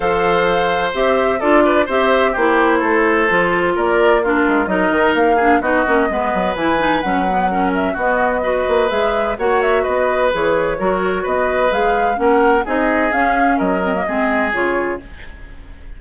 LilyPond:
<<
  \new Staff \with { instrumentName = "flute" } { \time 4/4 \tempo 4 = 128 f''2 e''4 d''4 | e''4 c''2. | d''4 ais'4 dis''4 f''4 | dis''2 gis''4 fis''4~ |
fis''8 e''8 dis''2 e''4 | fis''8 e''8 dis''4 cis''2 | dis''4 f''4 fis''4 dis''4 | f''4 dis''2 cis''4 | }
  \new Staff \with { instrumentName = "oboe" } { \time 4/4 c''2. a'8 b'8 | c''4 g'4 a'2 | ais'4 f'4 ais'4. gis'8 | fis'4 b'2. |
ais'4 fis'4 b'2 | cis''4 b'2 ais'4 | b'2 ais'4 gis'4~ | gis'4 ais'4 gis'2 | }
  \new Staff \with { instrumentName = "clarinet" } { \time 4/4 a'2 g'4 f'4 | g'4 e'2 f'4~ | f'4 d'4 dis'4. d'8 | dis'8 cis'8 b4 e'8 dis'8 cis'8 b8 |
cis'4 b4 fis'4 gis'4 | fis'2 gis'4 fis'4~ | fis'4 gis'4 cis'4 dis'4 | cis'4. c'16 ais16 c'4 f'4 | }
  \new Staff \with { instrumentName = "bassoon" } { \time 4/4 f2 c'4 d'4 | c'4 ais4 a4 f4 | ais4. gis8 fis8 dis8 ais4 | b8 ais8 gis8 fis8 e4 fis4~ |
fis4 b4. ais8 gis4 | ais4 b4 e4 fis4 | b4 gis4 ais4 c'4 | cis'4 fis4 gis4 cis4 | }
>>